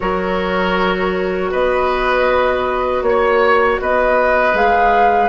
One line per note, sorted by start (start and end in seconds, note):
0.00 1.53 F#3
0.00 4.53 F#4
0.00 1.51 A#4
0.00 1.51 C#5
1.51 3.02 B3
1.51 3.03 B4
1.51 3.03 D#5
3.02 3.78 A#3
3.02 3.79 C#5
3.08 3.81 C#5
3.81 4.53 B3
3.81 5.28 B4
3.81 4.56 D#5
4.53 5.28 G#3
4.53 5.28 G#4
4.53 5.28 F5